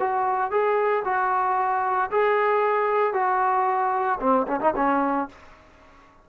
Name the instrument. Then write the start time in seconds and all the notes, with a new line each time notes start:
trombone
0.00 F#4
0.51 G#4
1.05 F#4
2.11 G#4
3.14 F#4
4.20 C4
4.47 C#4
4.61 D#4
4.76 C#4